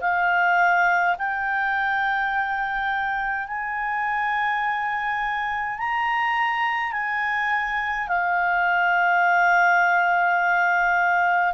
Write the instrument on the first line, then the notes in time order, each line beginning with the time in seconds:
clarinet
0.00 F5
1.18 G5
3.47 G#5
5.78 A#5
6.92 G#5
8.08 F5